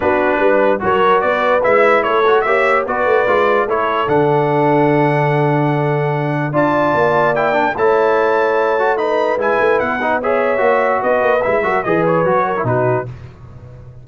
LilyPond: <<
  \new Staff \with { instrumentName = "trumpet" } { \time 4/4 \tempo 4 = 147 b'2 cis''4 d''4 | e''4 cis''4 e''4 d''4~ | d''4 cis''4 fis''2~ | fis''1 |
a''2 g''4 a''4~ | a''2 b''4 gis''4 | fis''4 e''2 dis''4 | e''4 dis''8 cis''4. b'4 | }
  \new Staff \with { instrumentName = "horn" } { \time 4/4 fis'4 b'4 ais'4 b'4~ | b'4 a'4 cis''4 b'4~ | b'4 a'2.~ | a'1 |
d''2. cis''4~ | cis''2 b'2~ | b'4 cis''2 b'4~ | b'8 ais'8 b'4. ais'8 fis'4 | }
  \new Staff \with { instrumentName = "trombone" } { \time 4/4 d'2 fis'2 | e'4. fis'8 g'4 fis'4 | f'4 e'4 d'2~ | d'1 |
f'2 e'8 d'8 e'4~ | e'4. fis'8 dis'4 e'4~ | e'8 dis'8 gis'4 fis'2 | e'8 fis'8 gis'4 fis'8. e'16 dis'4 | }
  \new Staff \with { instrumentName = "tuba" } { \time 4/4 b4 g4 fis4 b4 | gis4 a4 ais4 b8 a8 | gis4 a4 d2~ | d1 |
d'4 ais2 a4~ | a2. gis8 a8 | b2 ais4 b8 ais8 | gis8 fis8 e4 fis4 b,4 | }
>>